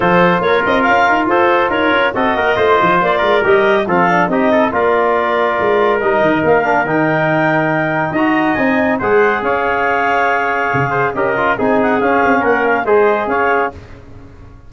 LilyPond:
<<
  \new Staff \with { instrumentName = "clarinet" } { \time 4/4 \tempo 4 = 140 c''4 cis''8 dis''8 f''4 c''4 | cis''4 dis''2 d''4 | dis''4 f''4 dis''4 d''4~ | d''2 dis''4 f''4 |
g''2. ais''4 | gis''4 fis''4 f''2~ | f''2 dis''4 gis''8 fis''8 | f''4 fis''8 f''8 dis''4 f''4 | }
  \new Staff \with { instrumentName = "trumpet" } { \time 4/4 a'4 ais'2 a'4 | ais'4 a'8 ais'8 c''4. ais'8~ | ais'4 a'4 g'8 a'8 ais'4~ | ais'1~ |
ais'2. dis''4~ | dis''4 c''4 cis''2~ | cis''4. c''8 ais'4 gis'4~ | gis'4 ais'4 c''4 cis''4 | }
  \new Staff \with { instrumentName = "trombone" } { \time 4/4 f'1~ | f'4 fis'4 f'2 | g'4 c'8 d'8 dis'4 f'4~ | f'2 dis'4. d'8 |
dis'2. fis'4 | dis'4 gis'2.~ | gis'2 g'8 f'8 dis'4 | cis'2 gis'2 | }
  \new Staff \with { instrumentName = "tuba" } { \time 4/4 f4 ais8 c'8 cis'8 dis'8 f'4 | dis'8 cis'8 c'8 ais8 a8 f8 ais8 gis8 | g4 f4 c'4 ais4~ | ais4 gis4 g8 dis8 ais4 |
dis2. dis'4 | c'4 gis4 cis'2~ | cis'4 cis4 cis'4 c'4 | cis'8 c'8 ais4 gis4 cis'4 | }
>>